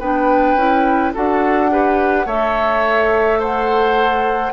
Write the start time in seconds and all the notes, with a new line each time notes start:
0.00 B3 D4 B4 G5
0.55 C#4 E4
1.14 D4 F#4 A4 F#5
1.71 G4 B4
2.26 A3 A4 C#5 E5
3.40 C5 F#5